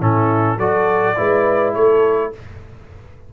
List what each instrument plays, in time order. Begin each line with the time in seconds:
0.00 tuba A2, trombone C#4, horn E4, trumpet A4
0.57 tuba F#3, trombone F#4, horn A4, trumpet D5
1.16 tuba G#3, trombone E4, horn B4
1.74 tuba A3, horn A4, trumpet C#5